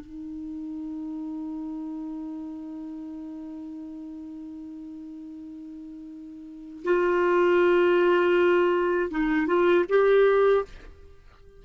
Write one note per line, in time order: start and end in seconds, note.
0.00 6.84 D#4
6.84 9.10 F4
9.10 9.47 D#4
9.47 9.85 F4
9.89 10.65 G4